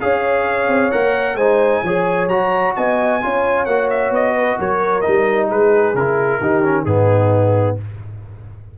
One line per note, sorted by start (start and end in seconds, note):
0.00 0.68 C#4
0.00 0.91 G#4
0.00 1.37 C#5
0.00 0.91 F5
0.68 0.91 C4
0.91 1.35 A#3
0.91 1.37 A#4
0.91 1.36 F#5
1.35 1.81 G#3
1.35 1.85 D#4
1.35 1.83 C5
1.35 2.28 G#5
1.83 2.28 F3
1.83 2.30 G#4
1.83 2.75 C#5
2.28 2.73 F#3
2.28 3.22 F#4
2.28 2.74 A#5
2.76 3.23 B3
2.76 3.23 D#5
2.76 3.65 G#5
3.22 3.66 C#4
3.22 3.68 F4
3.22 4.35 C#5
3.65 4.10 A#3
3.65 5.03 F#4
3.65 3.88 F#5
3.90 4.13 E5
4.10 4.56 B3
4.10 4.60 D#5
4.35 4.58 B4
4.58 5.05 F#3
4.58 5.49 A#4
4.58 5.01 C#5
5.01 5.95 D#4
5.01 5.46 D#5
5.07 5.51 G3
5.49 5.94 G#3
5.49 6.40 G#4
5.49 5.96 B4
5.94 6.39 C#3
5.94 6.42 E4
5.94 6.85 A#4
6.40 6.85 D#3
6.40 6.63 D#4
6.40 6.84 G4
6.63 6.86 C#4
6.84 7.77 G#2
6.84 7.78 B3
6.84 7.76 D#4
6.84 7.77 G#4